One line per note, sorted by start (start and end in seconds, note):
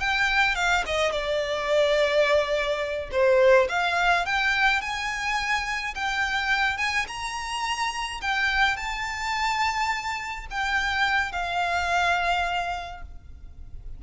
0.00 0.55 G5
0.55 0.84 F5
0.86 1.12 D#5
1.12 3.10 D5
3.12 3.68 C5
3.69 4.26 F5
4.26 4.81 G5
4.81 5.94 G#5
5.95 6.78 G5
6.78 7.06 G#5
7.08 8.21 A#5
8.21 8.77 G5
8.77 10.46 A5
10.51 11.32 G5
11.32 13.02 F5